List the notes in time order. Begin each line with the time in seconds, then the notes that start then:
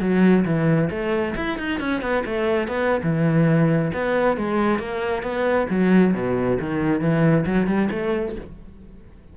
0.00 F#3
0.45 E3
0.90 A3
1.36 E4
1.58 D#4
1.79 C#4
2.01 B3
2.25 A3
2.67 B3
3.03 E3
3.93 B3
4.37 G#3
4.79 A#3
5.22 B3
5.69 F#3
6.14 B2
6.60 D#3
7.00 E3
7.45 F#3
7.66 G3
7.91 A3